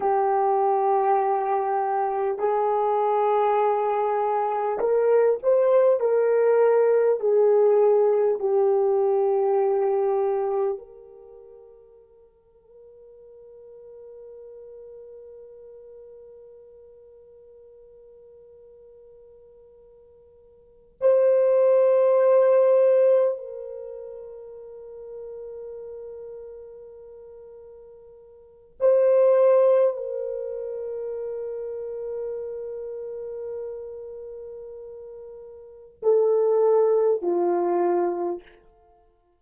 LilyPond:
\new Staff \with { instrumentName = "horn" } { \time 4/4 \tempo 4 = 50 g'2 gis'2 | ais'8 c''8 ais'4 gis'4 g'4~ | g'4 ais'2.~ | ais'1~ |
ais'4. c''2 ais'8~ | ais'1 | c''4 ais'2.~ | ais'2 a'4 f'4 | }